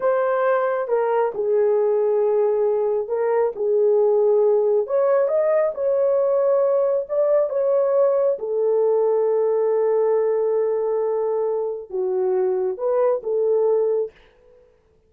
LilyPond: \new Staff \with { instrumentName = "horn" } { \time 4/4 \tempo 4 = 136 c''2 ais'4 gis'4~ | gis'2. ais'4 | gis'2. cis''4 | dis''4 cis''2. |
d''4 cis''2 a'4~ | a'1~ | a'2. fis'4~ | fis'4 b'4 a'2 | }